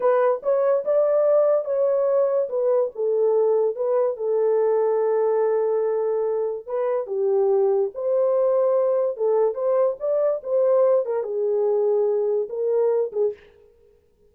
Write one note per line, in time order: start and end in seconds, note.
0.00 0.41 B4
0.42 0.84 C#5
0.84 1.65 D5
1.65 2.48 C#5
2.49 2.90 B4
2.95 3.75 A4
3.75 4.16 B4
4.16 6.66 A4
6.66 7.06 B4
7.06 7.90 G4
7.94 9.16 C5
9.16 9.54 A4
9.54 9.96 C5
9.99 10.41 D5
10.43 11.05 C5
11.05 11.23 A#4
11.23 12.48 G#4
12.49 13.11 A#4
13.12 13.33 G#4